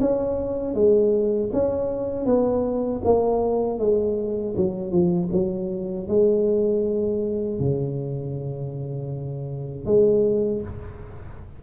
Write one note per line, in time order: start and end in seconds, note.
0.00 0.74 C#4
0.74 1.50 G#3
1.53 2.25 C#4
2.25 3.01 B3
3.04 3.79 A#3
3.79 4.55 G#3
4.56 4.91 F#3
4.91 5.29 F3
5.32 6.08 F#3
6.08 7.59 G#3
7.59 9.86 C#3
9.86 10.62 G#3